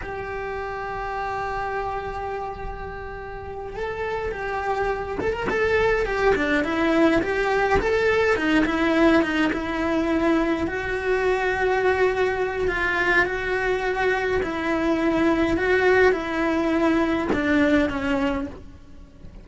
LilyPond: \new Staff \with { instrumentName = "cello" } { \time 4/4 \tempo 4 = 104 g'1~ | g'2~ g'8 a'4 g'8~ | g'4 a'16 ais'16 a'4 g'8 d'8 e'8~ | e'8 g'4 a'4 dis'8 e'4 |
dis'8 e'2 fis'4.~ | fis'2 f'4 fis'4~ | fis'4 e'2 fis'4 | e'2 d'4 cis'4 | }